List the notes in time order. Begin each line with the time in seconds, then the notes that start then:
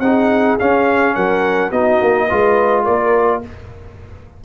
0.00 C4 D#4 G#4 F#5
0.59 C#4 F5
1.15 F#3 A#4 F#5
1.70 B3 D#4 F#4 D#5
2.02 A#3
2.28 G#3 F4 B4
2.84 A#3 A#4 D5